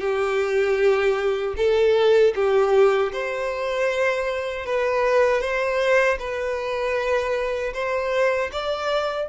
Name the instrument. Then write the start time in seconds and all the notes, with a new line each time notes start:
violin
0.00 G4
1.57 A4
2.35 G4
3.12 C5
4.65 B4
5.41 C5
6.19 B4
7.73 C5
8.52 D5